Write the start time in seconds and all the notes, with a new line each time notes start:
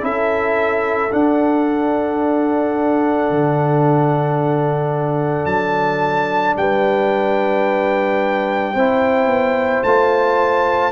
0.00 C#4 E4 A4 E5
1.12 D4 F#5
3.30 D3
5.45 F#3 A5
6.56 G3 B4 G5
8.74 C4 E4 C5
9.26 B3
9.83 A3 F4 A5